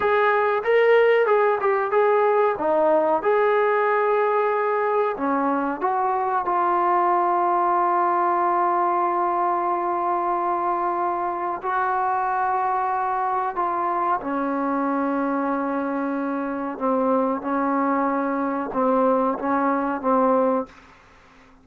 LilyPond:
\new Staff \with { instrumentName = "trombone" } { \time 4/4 \tempo 4 = 93 gis'4 ais'4 gis'8 g'8 gis'4 | dis'4 gis'2. | cis'4 fis'4 f'2~ | f'1~ |
f'2 fis'2~ | fis'4 f'4 cis'2~ | cis'2 c'4 cis'4~ | cis'4 c'4 cis'4 c'4 | }